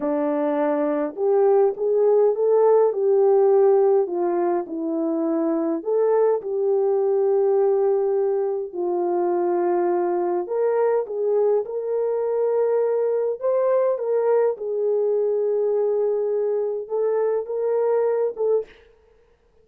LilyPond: \new Staff \with { instrumentName = "horn" } { \time 4/4 \tempo 4 = 103 d'2 g'4 gis'4 | a'4 g'2 f'4 | e'2 a'4 g'4~ | g'2. f'4~ |
f'2 ais'4 gis'4 | ais'2. c''4 | ais'4 gis'2.~ | gis'4 a'4 ais'4. a'8 | }